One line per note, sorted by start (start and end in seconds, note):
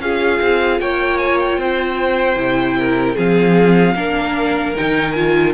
0.00 0.39 C#4
0.00 2.37 F4
0.00 0.81 G#4
0.00 0.80 F5
0.41 0.80 C4
0.80 1.58 A#3
0.80 1.59 C#5
0.80 1.18 G5
1.18 1.37 G#5
1.39 3.17 G5
1.58 2.36 C4
1.58 2.78 C5
2.36 3.15 C3
2.36 3.15 E4
2.79 3.15 A#4
3.15 3.95 F3
3.15 3.95 C4
3.15 3.94 G#4
3.15 4.76 F5
3.95 4.74 A#3
3.95 4.75 D4
3.95 5.53 A#4
4.76 5.54 D#3
4.76 5.15 D#4
4.76 5.12 G5
5.12 5.54 F4
5.12 5.51 G#5